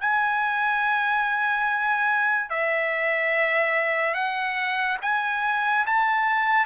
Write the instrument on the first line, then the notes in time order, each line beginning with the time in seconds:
trumpet
0.00 G#5
2.49 E5
4.14 F#5
5.02 G#5
5.86 A5